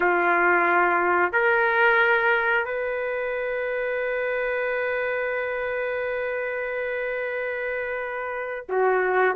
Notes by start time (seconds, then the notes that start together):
0.00 F4
1.32 A#4
2.65 B4
8.68 F#4